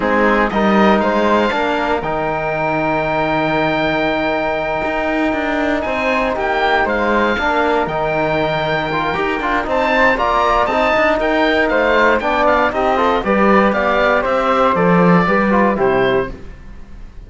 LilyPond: <<
  \new Staff \with { instrumentName = "oboe" } { \time 4/4 \tempo 4 = 118 gis'4 dis''4 f''2 | g''1~ | g''2.~ g''8 gis''8~ | gis''8 g''4 f''2 g''8~ |
g''2. a''4 | ais''4 a''4 g''4 f''4 | g''8 f''8 dis''4 d''4 f''4 | e''4 d''2 c''4 | }
  \new Staff \with { instrumentName = "flute" } { \time 4/4 dis'4 ais'4 c''4 ais'4~ | ais'1~ | ais'2.~ ais'8 c''8~ | c''8 g'4 c''4 ais'4.~ |
ais'2. c''4 | d''4 dis''4 ais'4 c''4 | d''4 g'8 a'8 b'4 d''4 | c''2 b'4 g'4 | }
  \new Staff \with { instrumentName = "trombone" } { \time 4/4 c'4 dis'2 d'4 | dis'1~ | dis'1~ | dis'2~ dis'8 d'4 dis'8~ |
dis'4. f'8 g'8 f'8 dis'4 | f'4 dis'2. | d'4 dis'8 f'8 g'2~ | g'4 a'4 g'8 f'8 e'4 | }
  \new Staff \with { instrumentName = "cello" } { \time 4/4 gis4 g4 gis4 ais4 | dis1~ | dis4. dis'4 d'4 c'8~ | c'8 ais4 gis4 ais4 dis8~ |
dis2 dis'8 d'8 c'4 | ais4 c'8 d'8 dis'4 a4 | b4 c'4 g4 b4 | c'4 f4 g4 c4 | }
>>